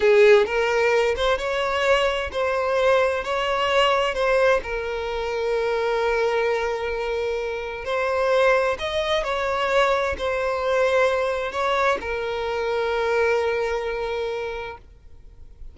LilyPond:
\new Staff \with { instrumentName = "violin" } { \time 4/4 \tempo 4 = 130 gis'4 ais'4. c''8 cis''4~ | cis''4 c''2 cis''4~ | cis''4 c''4 ais'2~ | ais'1~ |
ais'4 c''2 dis''4 | cis''2 c''2~ | c''4 cis''4 ais'2~ | ais'1 | }